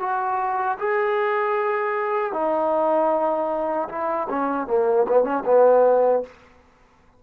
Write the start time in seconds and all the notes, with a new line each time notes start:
0.00 F#4
0.79 G#4
2.33 D#4
3.89 E4
4.30 C#4
4.67 A#3
5.08 B3
5.24 C#4
5.45 B3